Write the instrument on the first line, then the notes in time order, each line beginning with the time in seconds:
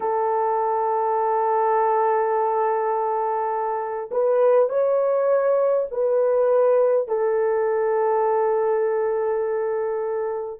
horn
0.00 A4
4.11 B4
4.68 C#5
5.91 B4
7.07 A4